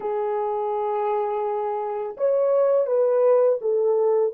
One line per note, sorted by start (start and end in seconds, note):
0.00 2.16 G#4
2.17 2.86 C#5
2.86 3.58 B4
3.61 4.33 A4